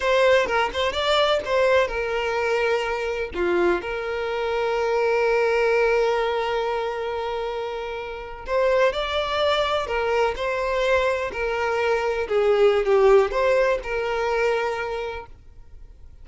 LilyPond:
\new Staff \with { instrumentName = "violin" } { \time 4/4 \tempo 4 = 126 c''4 ais'8 c''8 d''4 c''4 | ais'2. f'4 | ais'1~ | ais'1~ |
ais'4.~ ais'16 c''4 d''4~ d''16~ | d''8. ais'4 c''2 ais'16~ | ais'4.~ ais'16 gis'4~ gis'16 g'4 | c''4 ais'2. | }